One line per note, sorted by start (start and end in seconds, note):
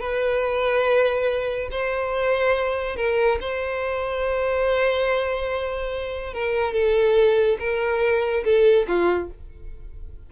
0.00 1.69 B4
1.71 2.96 C5
2.96 3.38 A#4
3.41 6.34 C5
6.34 6.74 A#4
6.74 7.58 A4
7.59 8.44 A#4
8.44 8.87 A4
8.88 9.30 F4